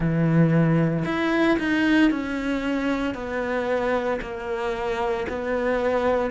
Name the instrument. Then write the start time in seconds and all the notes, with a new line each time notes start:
cello
0.00 E3
1.05 E4
1.58 D#4
2.11 C#4
3.14 B3
4.21 A#3
5.28 B3